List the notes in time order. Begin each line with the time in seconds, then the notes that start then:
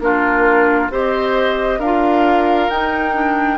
0.00 A#3 D4 F4 A#4
0.90 C4 G4 C5 D#5
1.79 D4 F4 A#4 F5
2.70 D#4 G5
3.14 D4